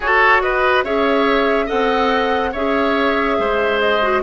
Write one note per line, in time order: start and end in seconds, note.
0.00 0.83 F#4
0.00 0.85 F#4
0.00 0.42 A4
0.00 0.41 C#5
0.41 0.84 B4
0.41 0.83 D#5
0.83 1.68 C#4
0.83 1.67 G#4
0.83 1.65 C#5
0.83 1.68 E5
1.65 2.54 C4
1.65 2.51 A4
1.65 2.50 D#5
1.65 2.53 F#5
2.52 3.38 C#4
2.52 4.02 G#4
2.52 3.36 C#5
2.52 3.79 E5
3.38 4.22 G#3
3.38 4.22 C5
3.79 4.22 D#5
4.02 4.22 F#4